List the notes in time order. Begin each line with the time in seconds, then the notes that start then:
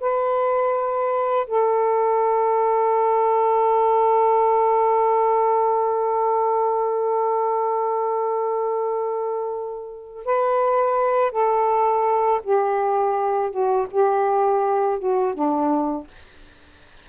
0.00 B4
1.47 A4
10.25 B4
11.31 A4
12.43 G4
13.50 F#4
13.91 G4
14.99 F#4
15.34 D4